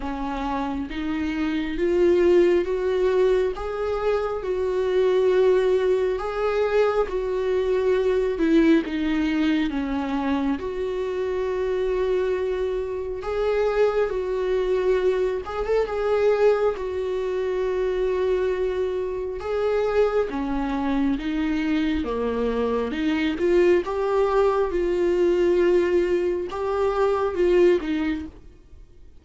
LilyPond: \new Staff \with { instrumentName = "viola" } { \time 4/4 \tempo 4 = 68 cis'4 dis'4 f'4 fis'4 | gis'4 fis'2 gis'4 | fis'4. e'8 dis'4 cis'4 | fis'2. gis'4 |
fis'4. gis'16 a'16 gis'4 fis'4~ | fis'2 gis'4 cis'4 | dis'4 ais4 dis'8 f'8 g'4 | f'2 g'4 f'8 dis'8 | }